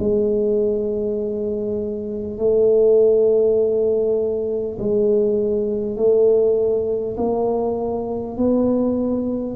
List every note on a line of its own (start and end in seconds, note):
0.00 2.38 G#3
2.38 4.78 A3
4.79 5.97 G#3
5.97 7.17 A3
7.18 8.38 A#3
8.38 9.57 B3